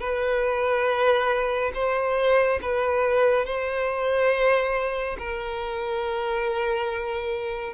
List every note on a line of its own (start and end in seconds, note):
0.00 1.71 B4
1.74 2.59 C5
2.61 3.45 B4
3.45 5.17 C5
5.19 7.73 A#4